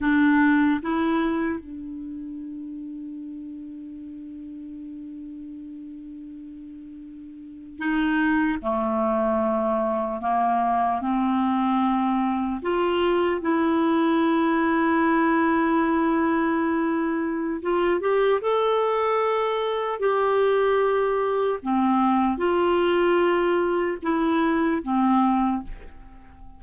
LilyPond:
\new Staff \with { instrumentName = "clarinet" } { \time 4/4 \tempo 4 = 75 d'4 e'4 d'2~ | d'1~ | d'4.~ d'16 dis'4 a4~ a16~ | a8. ais4 c'2 f'16~ |
f'8. e'2.~ e'16~ | e'2 f'8 g'8 a'4~ | a'4 g'2 c'4 | f'2 e'4 c'4 | }